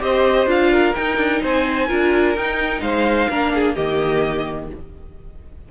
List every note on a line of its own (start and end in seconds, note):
0.00 0.46 C4
0.00 0.47 G4
0.00 0.72 C5
0.00 0.48 D#5
0.46 0.93 D4
0.46 0.93 F4
0.46 0.95 F5
0.72 1.42 A#4
0.95 1.88 D#4
0.95 1.17 D#4
0.95 1.41 G5
1.17 1.40 D4
1.42 1.90 C4
1.42 1.87 C5
1.42 2.37 G#5
1.87 2.36 D4
1.87 2.35 F4
1.87 2.81 A#4
2.36 2.81 D#4
2.36 3.30 D#4
2.36 2.81 G5
2.81 3.28 G#3
2.81 3.29 C5
2.81 3.75 F5
3.29 3.76 A#3
3.29 3.76 D4
3.29 3.53 A#4
3.54 3.75 G#4
3.75 4.71 D#3
3.75 4.70 A#3
3.75 4.69 G4
3.75 4.68 D#5